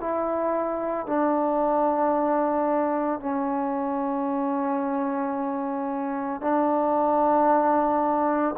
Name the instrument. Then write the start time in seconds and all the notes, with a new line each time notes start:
trombone
0.00 E4
1.07 D4
3.20 C#4
6.41 D4